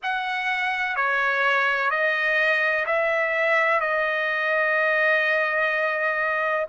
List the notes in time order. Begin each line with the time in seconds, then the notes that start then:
0.03 F#5
0.96 C#5
1.90 D#5
2.86 E5
3.80 D#5